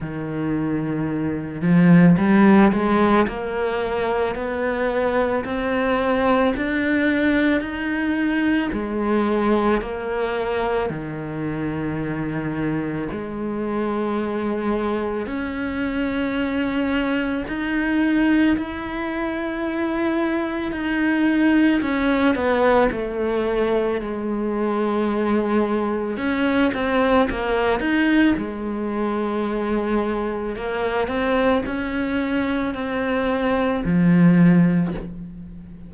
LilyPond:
\new Staff \with { instrumentName = "cello" } { \time 4/4 \tempo 4 = 55 dis4. f8 g8 gis8 ais4 | b4 c'4 d'4 dis'4 | gis4 ais4 dis2 | gis2 cis'2 |
dis'4 e'2 dis'4 | cis'8 b8 a4 gis2 | cis'8 c'8 ais8 dis'8 gis2 | ais8 c'8 cis'4 c'4 f4 | }